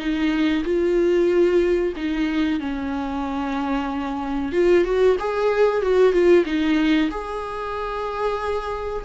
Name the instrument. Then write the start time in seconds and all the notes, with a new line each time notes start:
viola
0.00 D#4
0.65 F4
1.97 D#4
2.60 C#4
4.53 F4
4.85 F#4
5.20 G#4
5.82 F#4
6.13 F4
6.46 D#4
7.11 G#4